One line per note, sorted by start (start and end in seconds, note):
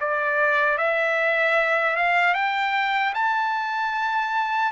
0.00 0.78 D5
0.78 1.96 E5
1.96 2.34 F5
2.34 3.13 G5
3.14 4.72 A5